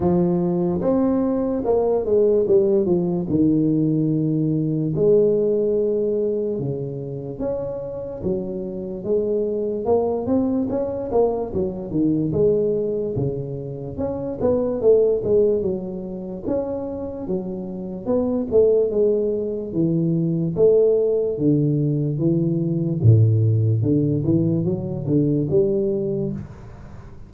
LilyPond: \new Staff \with { instrumentName = "tuba" } { \time 4/4 \tempo 4 = 73 f4 c'4 ais8 gis8 g8 f8 | dis2 gis2 | cis4 cis'4 fis4 gis4 | ais8 c'8 cis'8 ais8 fis8 dis8 gis4 |
cis4 cis'8 b8 a8 gis8 fis4 | cis'4 fis4 b8 a8 gis4 | e4 a4 d4 e4 | a,4 d8 e8 fis8 d8 g4 | }